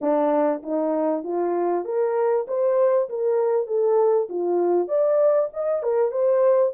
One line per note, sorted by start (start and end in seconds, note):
0.01 0.62 D4
0.63 1.23 D#4
1.23 1.85 F4
1.85 2.46 A#4
2.47 3.08 C5
3.09 3.67 A#4
3.67 4.28 A4
4.29 4.88 F4
4.88 5.49 D5
5.53 5.82 D#5
5.82 6.11 A#4
6.11 6.73 C5